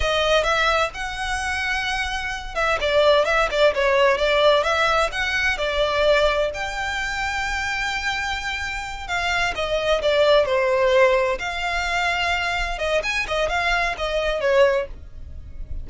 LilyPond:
\new Staff \with { instrumentName = "violin" } { \time 4/4 \tempo 4 = 129 dis''4 e''4 fis''2~ | fis''4. e''8 d''4 e''8 d''8 | cis''4 d''4 e''4 fis''4 | d''2 g''2~ |
g''2.~ g''8 f''8~ | f''8 dis''4 d''4 c''4.~ | c''8 f''2. dis''8 | gis''8 dis''8 f''4 dis''4 cis''4 | }